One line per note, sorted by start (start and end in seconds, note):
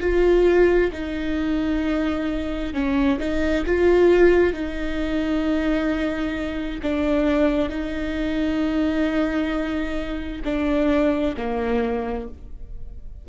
0.00 0.91 F4
0.92 2.73 D#4
2.73 3.19 C#4
3.19 3.64 D#4
3.66 4.53 F4
4.53 6.80 D#4
6.82 7.69 D4
7.69 10.42 D#4
10.44 11.35 D4
11.37 12.28 A#3